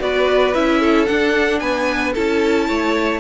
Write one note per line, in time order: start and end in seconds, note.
0.00 0.54 B3
0.00 0.54 F#4
0.00 0.80 B4
0.00 0.54 D5
0.54 1.09 C#4
0.54 1.07 E4
0.54 1.06 E5
0.80 1.60 A4
1.06 2.14 D4
1.06 1.61 D4
1.06 1.60 F#5
1.60 2.14 B3
1.60 2.13 B4
1.60 2.13 G#5
2.13 2.69 C#4
2.13 3.20 E4
2.13 2.67 A4
2.13 3.20 A5
2.68 3.20 A3
2.68 3.20 C#5